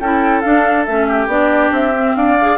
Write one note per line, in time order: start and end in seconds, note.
0.00 0.43 C#4
0.00 0.44 E4
0.00 1.08 A4
0.00 0.41 G5
0.41 0.87 D4
0.41 0.88 D4
0.41 0.85 F5
0.85 1.27 A3
0.85 1.29 C#4
0.85 1.28 E5
1.08 2.16 G4
1.27 1.70 B3
1.27 1.94 D4
1.27 1.73 D5
1.71 2.14 C4
1.71 2.16 E5
1.96 2.39 C4
2.16 2.58 D4
2.16 2.58 D5
2.16 2.58 F5
2.40 2.58 G#4